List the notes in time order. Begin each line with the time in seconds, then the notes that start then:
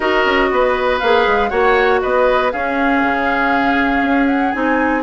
0.00 D#4 F#4 A#4 D#5
0.25 C#4
0.50 B3 B4
0.99 A#3 G#4 F5
1.26 G#3
1.49 A#3 F#4 C#5 F#5
2.01 B3 B4 D#5
2.52 C#4 G#4 F5
3.02 C#3
4.02 C#4
4.27 F#5
4.52 C4 D#4 G#5